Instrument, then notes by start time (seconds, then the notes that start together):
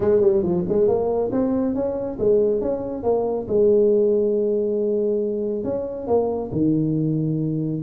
tuba
0.00 G#3
0.21 G3
0.42 F3
0.68 G#3
0.87 A#3
1.31 C4
1.74 C#4
2.19 G#3
2.61 C#4
3.03 A#3
3.47 G#3
5.64 C#4
6.07 A#3
6.52 D#3